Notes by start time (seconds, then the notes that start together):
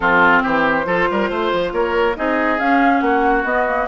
0.00 F3 C4 F4 A4
0.42 E3 G4 C5
0.84 F3 F4 A4
1.10 G3 A#4
1.29 A3 C5
1.52 F3
1.72 A#3 A#4 C#5
2.16 C4 D#4 G#4 D#5
2.59 C#4 F5
3.00 A#3 F#4 F#5
3.43 B3 D#5
3.66 A#3